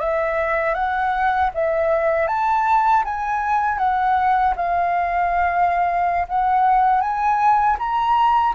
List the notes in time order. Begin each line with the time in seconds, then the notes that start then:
0.00 E5
0.75 F#5
1.54 E5
2.28 A5
3.05 G#5
3.79 F#5
4.56 F5
6.29 F#5
7.01 G#5
7.79 A#5